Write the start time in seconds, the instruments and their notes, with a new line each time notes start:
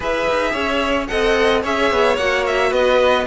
0.00 cello E4, viola G#4, violin B4 E5
0.29 cello D#4
0.52 cello C#4, violin C#5
1.07 cello C4, viola A4, violin D#5 F#5
1.62 cello C#4, viola G#4, violin C#5 E5
1.91 cello B3
2.16 cello A#3, viola F#4, violin F#5
2.46 violin E5
2.69 cello B3, violin B4 D#5